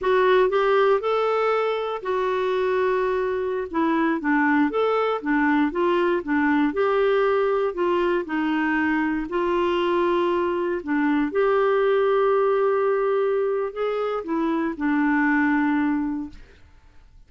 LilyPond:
\new Staff \with { instrumentName = "clarinet" } { \time 4/4 \tempo 4 = 118 fis'4 g'4 a'2 | fis'2.~ fis'16 e'8.~ | e'16 d'4 a'4 d'4 f'8.~ | f'16 d'4 g'2 f'8.~ |
f'16 dis'2 f'4.~ f'16~ | f'4~ f'16 d'4 g'4.~ g'16~ | g'2. gis'4 | e'4 d'2. | }